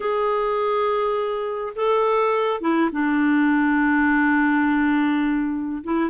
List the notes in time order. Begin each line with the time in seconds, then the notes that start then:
0.00 G#4
1.75 A4
2.61 E4
2.92 D4
5.83 E4